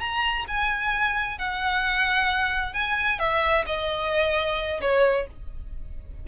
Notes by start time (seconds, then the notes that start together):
0.00 A#5
0.48 G#5
1.38 F#5
2.74 G#5
3.19 E5
3.66 D#5
4.81 C#5